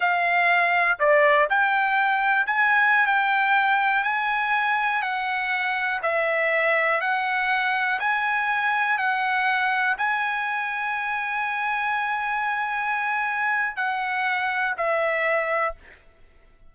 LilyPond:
\new Staff \with { instrumentName = "trumpet" } { \time 4/4 \tempo 4 = 122 f''2 d''4 g''4~ | g''4 gis''4~ gis''16 g''4.~ g''16~ | g''16 gis''2 fis''4.~ fis''16~ | fis''16 e''2 fis''4.~ fis''16~ |
fis''16 gis''2 fis''4.~ fis''16~ | fis''16 gis''2.~ gis''8.~ | gis''1 | fis''2 e''2 | }